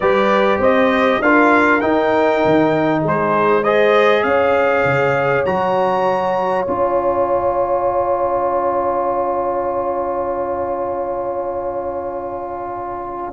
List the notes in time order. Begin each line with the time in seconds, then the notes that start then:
0.00 G3 G4 B4 D5
0.59 C4 C5 D#5
1.20 D4 F4 A#4 F5
1.80 D#4 G5
2.45 D#3
3.01 G#3 G#4 C5
3.63 G#4 C5 D#5
4.23 C#4 C#5 F5
4.84 C#3
5.45 F#3 F#4 A#5
6.65 C#4 F4 G#5